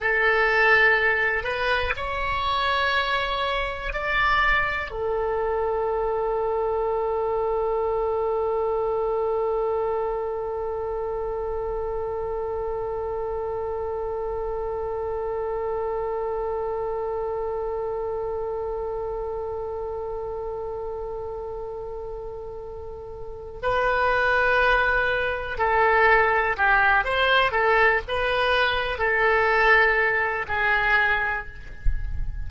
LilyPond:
\new Staff \with { instrumentName = "oboe" } { \time 4/4 \tempo 4 = 61 a'4. b'8 cis''2 | d''4 a'2.~ | a'1~ | a'1~ |
a'1~ | a'1 | b'2 a'4 g'8 c''8 | a'8 b'4 a'4. gis'4 | }